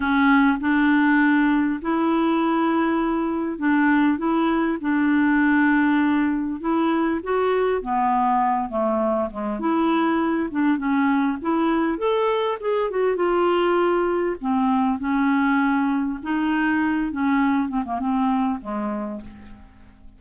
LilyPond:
\new Staff \with { instrumentName = "clarinet" } { \time 4/4 \tempo 4 = 100 cis'4 d'2 e'4~ | e'2 d'4 e'4 | d'2. e'4 | fis'4 b4. a4 gis8 |
e'4. d'8 cis'4 e'4 | a'4 gis'8 fis'8 f'2 | c'4 cis'2 dis'4~ | dis'8 cis'4 c'16 ais16 c'4 gis4 | }